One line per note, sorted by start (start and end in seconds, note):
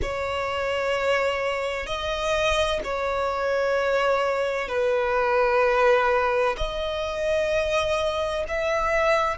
0.02 1.86 C#5
1.86 2.80 D#5
2.84 4.68 C#5
4.68 6.56 B4
6.57 8.44 D#5
8.48 9.37 E5